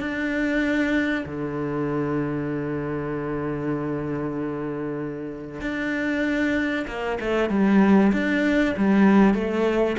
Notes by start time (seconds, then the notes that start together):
0.00 D4
1.26 D3
5.61 D4
6.88 A#3
7.20 A3
7.49 G3
8.13 D4
8.77 G3
9.34 A3